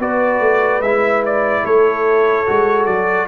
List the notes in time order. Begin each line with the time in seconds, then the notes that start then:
0.00 B3 F#4 B4 D5
0.40 A3
0.81 G#3 E4 E5
1.26 D5
1.64 A3 A4 C#5
2.47 G#3 F#4
2.86 F#3 D5